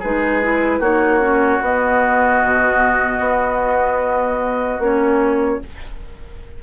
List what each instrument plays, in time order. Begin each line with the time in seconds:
0.00 bassoon G#3, clarinet D#4, oboe G#4, flute B4
0.43 clarinet E4
0.80 bassoon A#3, clarinet D#4, oboe F#4, flute C#5
1.21 clarinet C#4
1.61 bassoon B3, clarinet B3, flute D#5
2.44 bassoon B2
3.19 bassoon B3
4.79 bassoon A#3, clarinet C#4, flute C#5